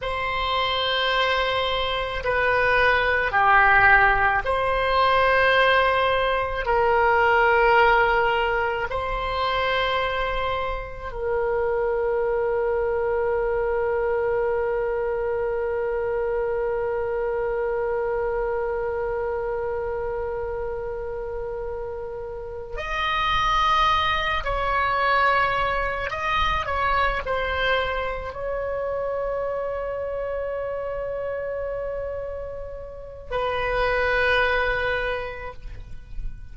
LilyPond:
\new Staff \with { instrumentName = "oboe" } { \time 4/4 \tempo 4 = 54 c''2 b'4 g'4 | c''2 ais'2 | c''2 ais'2~ | ais'1~ |
ais'1~ | ais'8 dis''4. cis''4. dis''8 | cis''8 c''4 cis''2~ cis''8~ | cis''2 b'2 | }